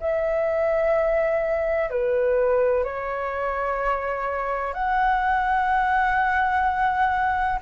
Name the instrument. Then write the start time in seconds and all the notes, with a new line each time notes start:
flute
0.00 E5
1.90 B4
2.84 C#5
4.74 F#5